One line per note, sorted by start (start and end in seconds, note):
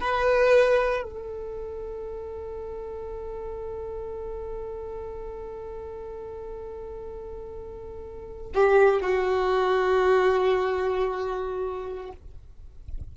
0.00 1.03 B4
1.03 8.53 A4
8.54 9.01 G4
9.01 12.11 F#4